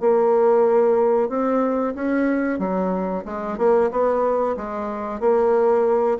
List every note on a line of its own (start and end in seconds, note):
0.00 1.29 A#3
1.29 1.94 C4
1.95 2.59 C#4
2.59 3.24 F#3
3.25 3.58 G#3
3.58 3.90 A#3
3.91 4.56 B3
4.57 5.20 G#3
5.20 6.18 A#3